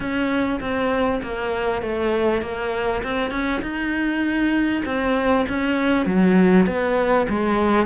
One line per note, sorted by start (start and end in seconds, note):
0.00 0.60 C#4
0.60 1.21 C4
1.23 1.82 A#3
1.82 2.41 A3
2.41 3.02 A#3
3.03 3.30 C4
3.30 3.61 C#4
3.62 4.83 D#4
4.85 5.45 C4
5.48 6.06 C#4
6.06 6.66 F#3
6.66 7.26 B3
7.29 7.86 G#3